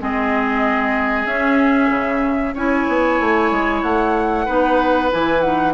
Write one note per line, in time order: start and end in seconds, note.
0.00 1.26 G#3
0.00 1.28 C4
0.00 2.54 G#4
0.00 1.26 D#5
1.26 1.89 C#4
1.26 2.56 C#4
1.26 2.54 E5
1.89 2.53 C#3
2.54 2.87 C#4
2.54 4.47 E4
2.54 4.45 C#5
2.54 3.82 G#5
2.88 3.20 B3
3.20 3.51 A3
3.51 3.83 G#3
3.82 4.47 A3
3.82 5.10 F#5
4.45 5.11 B3
4.45 5.11 D#4
4.45 5.73 B4
5.11 5.74 E3
5.11 5.42 E4
5.11 5.41 G#5
5.41 5.74 D#4
5.41 5.73 F#5